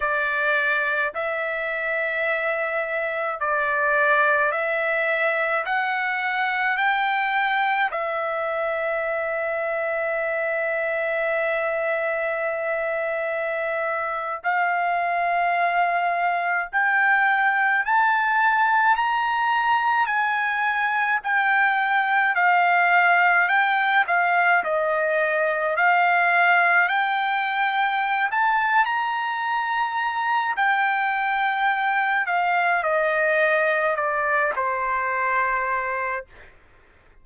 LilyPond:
\new Staff \with { instrumentName = "trumpet" } { \time 4/4 \tempo 4 = 53 d''4 e''2 d''4 | e''4 fis''4 g''4 e''4~ | e''1~ | e''8. f''2 g''4 a''16~ |
a''8. ais''4 gis''4 g''4 f''16~ | f''8. g''8 f''8 dis''4 f''4 g''16~ | g''4 a''8 ais''4. g''4~ | g''8 f''8 dis''4 d''8 c''4. | }